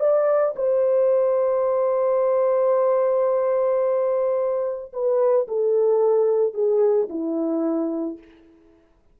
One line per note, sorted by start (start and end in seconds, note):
0.00 0.55 D5
0.56 4.92 C5
4.93 5.47 B4
5.48 6.54 A4
6.54 7.08 G#4
7.09 8.18 E4